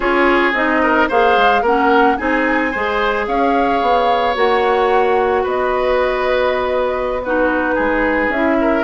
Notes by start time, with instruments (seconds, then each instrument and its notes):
0.00 bassoon C#4, clarinet F4, oboe G#4, flute C#5
0.53 bassoon C4, clarinet D#4, flute D#5
0.82 oboe A#4
1.08 bassoon A#3, clarinet G#4, oboe C5, flute F5
1.36 bassoon G#3
1.61 bassoon A#3, clarinet C#4, oboe A#4, flute F#5
2.17 bassoon C4, clarinet D#4, oboe G#4, flute G#5
2.71 bassoon G#3, clarinet G#4, oboe C5
3.27 bassoon C#4, oboe C#5, flute F5
3.81 bassoon B3
4.34 bassoon A#3, clarinet F#4, flute F#5
5.43 bassoon B3, oboe B4, flute D#5
7.22 clarinet D#4, oboe F#4, flute B4
7.74 bassoon G#3, oboe G#4
8.28 bassoon C#4, clarinet E4, flute E5
8.60 oboe A#4